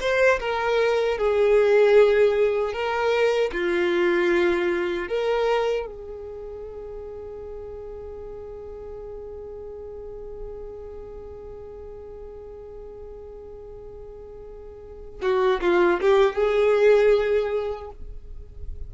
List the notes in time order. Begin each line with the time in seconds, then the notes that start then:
0.00 C5
0.39 A#4
1.17 G#4
2.73 A#4
3.52 F4
5.08 A#4
5.86 G#4
15.22 F#4
15.61 F4
16.00 G4
16.35 G#4